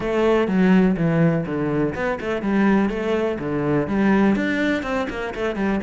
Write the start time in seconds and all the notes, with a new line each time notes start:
0.00 A3
0.47 F#3
0.96 E3
1.45 D3
1.95 B3
2.20 A3
2.42 G3
2.89 A3
3.39 D3
3.87 G3
4.35 D4
4.83 C4
5.09 A#3
5.35 A3
5.55 G3